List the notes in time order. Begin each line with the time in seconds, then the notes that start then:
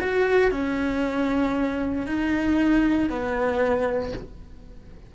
0.00 F#4
0.51 C#4
2.06 D#4
3.09 B3